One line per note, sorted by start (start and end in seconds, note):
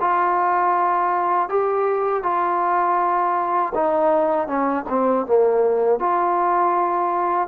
0.00 1.49 F4
1.49 2.23 G4
2.23 3.73 F4
3.74 4.47 D#4
4.47 4.85 C#4
4.89 5.26 C4
5.26 5.99 A#3
5.99 7.48 F4